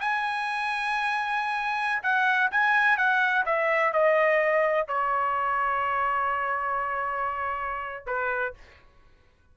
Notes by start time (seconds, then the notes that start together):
0.00 G#5
2.03 F#5
2.51 G#5
2.97 F#5
3.45 E5
3.92 D#5
4.88 C#5
8.06 B4